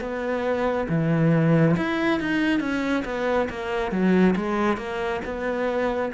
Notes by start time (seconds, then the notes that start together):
0.00 B3
0.89 E3
1.76 E4
2.20 D#4
2.60 C#4
3.05 B3
3.49 A#3
3.91 F#3
4.36 G#3
4.77 A#3
5.25 B3